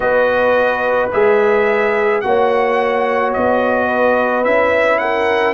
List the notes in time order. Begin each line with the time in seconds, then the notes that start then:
0.00 B3 F#4 B4 D#5
1.12 G#3 G#4 E5
2.20 A#3 F#4 C#5 F#5
3.33 B3 D#5
3.87 B4
4.44 C#4 E4 E5
4.98 A#4 F#5